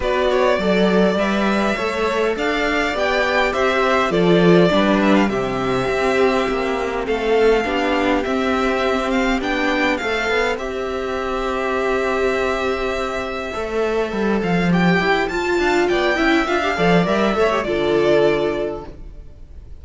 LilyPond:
<<
  \new Staff \with { instrumentName = "violin" } { \time 4/4 \tempo 4 = 102 d''2 e''2 | f''4 g''4 e''4 d''4~ | d''8 e''16 f''16 e''2. | f''2 e''4. f''8 |
g''4 f''4 e''2~ | e''1~ | e''8 f''8 g''4 a''4 g''4 | f''4 e''4 d''2 | }
  \new Staff \with { instrumentName = "violin" } { \time 4/4 b'8 cis''8 d''2 cis''4 | d''2 c''4 a'4 | b'4 g'2. | a'4 g'2.~ |
g'4 c''2.~ | c''1~ | c''2~ c''8 f''8 d''8 e''8~ | e''8 d''4 cis''8 a'2 | }
  \new Staff \with { instrumentName = "viola" } { \time 4/4 fis'4 a'4 b'4 a'4~ | a'4 g'2 f'4 | d'4 c'2.~ | c'4 d'4 c'2 |
d'4 a'4 g'2~ | g'2. a'4~ | a'4 g'4 f'4. e'8 | f'16 g'16 a'8 ais'8 a'16 g'16 f'2 | }
  \new Staff \with { instrumentName = "cello" } { \time 4/4 b4 fis4 g4 a4 | d'4 b4 c'4 f4 | g4 c4 c'4 ais4 | a4 b4 c'2 |
b4 a8 b8 c'2~ | c'2. a4 | g8 f4 e'8 f'8 d'8 b8 cis'8 | d'8 f8 g8 a8 d2 | }
>>